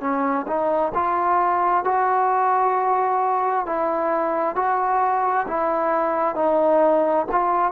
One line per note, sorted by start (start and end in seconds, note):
0.00 0.45 C#4
0.47 0.92 D#4
0.94 1.84 F4
1.84 3.66 F#4
3.66 4.55 E4
4.55 5.46 F#4
5.47 6.35 E4
6.35 7.26 D#4
7.31 7.71 F4